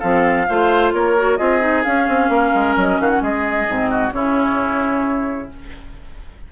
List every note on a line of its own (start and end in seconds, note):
0.00 0.49 F3
0.00 0.47 C4
0.00 0.46 A4
0.00 0.92 F5
0.49 0.93 A3
0.49 1.17 F4
0.49 0.94 C5
0.93 1.39 A#3
0.93 1.38 A#4
0.93 1.37 C#5
1.17 1.38 F#4
1.37 1.86 C4
1.37 1.60 F4
1.37 2.30 G#4
1.37 1.83 D#5
1.60 1.83 D#4
1.84 3.68 C#4
1.84 2.08 C#4
1.84 2.75 F5
2.08 2.29 C4
2.29 2.52 A#3
2.29 3.01 A#4
2.55 2.76 G#3
2.76 2.99 F#3
2.76 3.01 D#5
3.00 3.22 D#3
3.00 3.23 F#4
3.00 3.10 F5
3.10 3.22 F#5
3.22 3.67 G#3
3.22 3.90 G#4
3.22 4.13 D#5
3.69 4.14 G#2
3.69 4.12 C4
3.90 4.13 F#4
4.12 5.51 C#3
4.12 5.49 C#4
4.12 5.52 E4
4.12 5.50 C#5